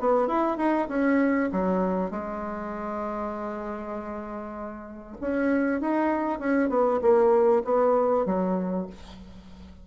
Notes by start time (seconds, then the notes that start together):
0.00 B3
0.28 E4
0.57 D#4
0.88 C#4
1.52 F#3
2.11 G#3
5.21 C#4
5.81 D#4
6.39 C#4
6.69 B3
7.02 A#3
7.64 B3
8.26 F#3